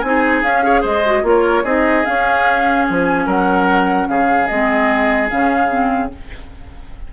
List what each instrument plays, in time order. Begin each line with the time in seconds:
0.00 bassoon C4, clarinet D#4, flute G#5
0.07 oboe G#4
0.43 bassoon C#4, clarinet C#4, flute F5
0.64 clarinet G#4, oboe C#5
0.82 bassoon G#3, oboe C5, flute D#5
1.06 clarinet F#4
1.23 bassoon A#3, clarinet F4, oboe A#4, flute C#5
1.64 bassoon C4, clarinet D#4, oboe G#4, flute D#5
2.05 clarinet C#4, bassoon C#4, flute F5
2.88 bassoon F3, flute G#5
3.26 bassoon F#3, oboe A#4, flute F#5
4.09 bassoon C#3, oboe G#4, flute F5
4.48 bassoon G#3, clarinet C4, flute D#5
5.30 bassoon C#3, clarinet C#4, flute F5
5.69 clarinet C4